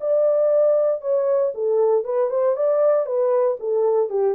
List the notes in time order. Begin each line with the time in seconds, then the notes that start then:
0.00 D5
1.01 C#5
1.54 A4
2.04 B4
2.30 C5
2.56 D5
3.06 B4
3.59 A4
4.09 G4